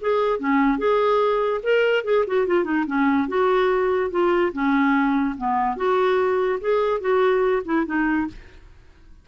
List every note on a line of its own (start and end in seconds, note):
0.00 0.39 G#4
0.39 0.78 C#4
0.78 1.60 G#4
1.63 2.04 A#4
2.04 2.24 G#4
2.27 2.47 F#4
2.47 2.64 F4
2.64 2.84 D#4
2.86 3.28 C#4
3.28 4.10 F#4
4.10 4.52 F4
4.53 5.35 C#4
5.37 5.76 B3
5.76 6.59 F#4
6.60 7.00 G#4
7.00 7.62 F#4
7.65 7.85 E4
7.86 8.27 D#4